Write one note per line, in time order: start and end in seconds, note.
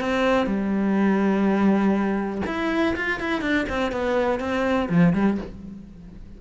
0.00 0.47 C4
0.47 2.42 G3
2.46 2.95 E4
2.96 3.20 F4
3.20 3.41 E4
3.41 3.66 D4
3.69 3.91 C4
3.91 4.40 B3
4.40 4.88 C4
4.89 5.13 F3
5.13 5.37 G3